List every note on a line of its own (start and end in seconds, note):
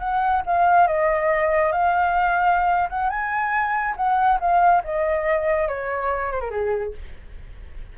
0.00 0.43 F#5
0.46 0.88 F5
0.88 1.72 D#5
1.72 2.89 F5
2.90 3.10 F#5
3.10 3.95 G#5
3.97 4.39 F#5
4.40 4.83 F5
4.84 5.69 D#5
5.69 6.32 C#5
6.32 6.41 C5
6.41 6.51 A#4
6.51 6.93 G#4